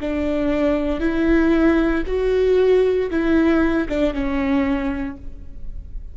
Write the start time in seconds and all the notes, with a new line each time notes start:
0.00 D4
1.00 E4
2.06 F#4
3.10 E4
3.88 D4
4.13 C#4